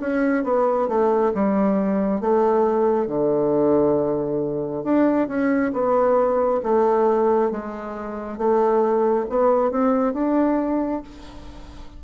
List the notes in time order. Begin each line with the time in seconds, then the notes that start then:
0.00 C#4
0.44 B3
0.88 A3
1.34 G3
2.21 A3
3.07 D3
4.84 D4
5.28 C#4
5.73 B3
6.63 A3
7.51 G#3
8.38 A3
9.30 B3
9.71 C4
10.14 D4